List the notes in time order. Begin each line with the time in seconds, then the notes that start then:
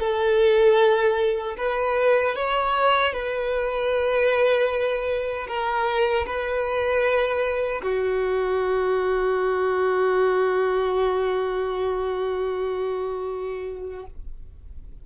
0.00 A4
1.58 B4
2.36 C#5
3.13 B4
5.48 A#4
6.26 B4
7.82 F#4